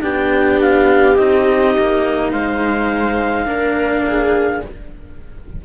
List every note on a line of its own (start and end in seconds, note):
0.00 1.18 B3
0.00 1.15 D4
0.00 2.30 G4
0.00 0.60 G5
0.61 1.16 F5
1.16 1.76 C4
1.16 3.45 D#4
1.16 2.31 D#5
1.77 2.32 A#3
2.30 3.46 G#3
2.30 3.46 C5
2.30 4.62 F5
3.45 4.61 A#3
3.45 4.61 D4
3.45 4.05 A#4
4.07 4.65 G#4